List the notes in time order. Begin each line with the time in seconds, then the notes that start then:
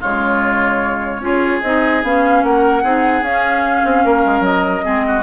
0.00 C#3 G#3 F4 C#5
1.19 C#4 F4 G#4
1.62 C4 D#4 D#5
2.03 B3 C#4 F5
2.43 A#3 A#4 F#5
2.83 C4 D#4 G#4
3.22 C#4 F5
3.84 C4
4.05 A#3 A#4
4.25 G#3
4.40 F#3 D#5
4.82 G#3 C4 G#4
5.07 F#4